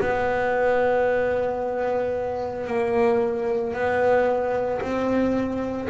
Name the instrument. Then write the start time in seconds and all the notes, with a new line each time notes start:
double bass
0.00 B3
2.67 A#3
3.74 B3
4.81 C4